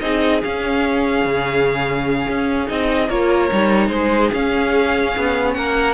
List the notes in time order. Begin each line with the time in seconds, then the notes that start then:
0.00 C4 D#4 G#4 D#5
0.42 C#4 F5
1.25 C#3
2.28 C#4
2.66 C4 D#4 D#5
3.08 A#3 F4 A#4 C#5
3.52 G3 D#4
3.89 G#3 G#4 C5
4.33 C#4 F5
5.16 B3
5.53 A#3 A#4 F#5